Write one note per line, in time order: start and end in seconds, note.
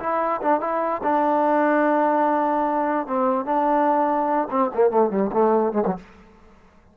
0.00 0.41 E4
0.42 0.61 D4
0.61 1.02 E4
1.04 3.07 D4
3.07 3.46 C4
3.46 4.48 D4
4.51 4.71 C4
4.75 4.91 A#3
4.91 5.11 A3
5.11 5.31 G3
5.33 5.73 A3
5.73 5.83 G#3
5.86 5.97 F#3